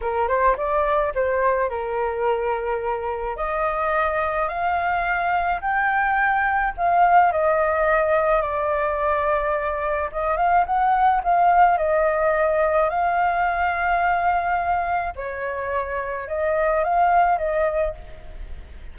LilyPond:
\new Staff \with { instrumentName = "flute" } { \time 4/4 \tempo 4 = 107 ais'8 c''8 d''4 c''4 ais'4~ | ais'2 dis''2 | f''2 g''2 | f''4 dis''2 d''4~ |
d''2 dis''8 f''8 fis''4 | f''4 dis''2 f''4~ | f''2. cis''4~ | cis''4 dis''4 f''4 dis''4 | }